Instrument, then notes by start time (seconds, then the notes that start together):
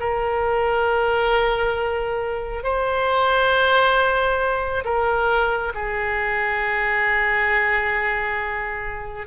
oboe
0.00 A#4
2.64 C5
4.84 A#4
5.74 G#4